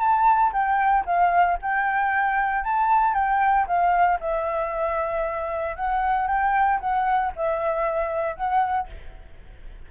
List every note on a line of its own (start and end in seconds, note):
0.00 0.52 A5
0.53 1.05 G5
1.06 1.58 F5
1.62 2.64 G5
2.64 3.14 A5
3.14 3.66 G5
3.67 4.19 F5
4.20 5.76 E5
5.76 6.28 F#5
6.28 6.80 G5
6.80 7.33 F#5
7.36 8.36 E5
8.36 8.88 F#5